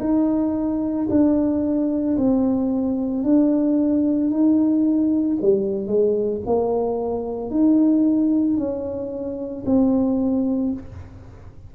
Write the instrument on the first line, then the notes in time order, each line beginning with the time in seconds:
tuba
0.00 D#4
1.10 D4
2.17 C4
3.23 D4
4.31 D#4
5.42 G3
5.87 G#3
6.46 A#3
7.50 D#4
8.57 C#4
9.66 C4